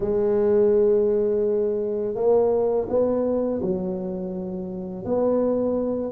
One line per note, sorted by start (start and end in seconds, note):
0.00 2.15 G#3
2.15 2.87 A#3
2.89 3.61 B3
3.62 5.04 F#3
5.04 6.12 B3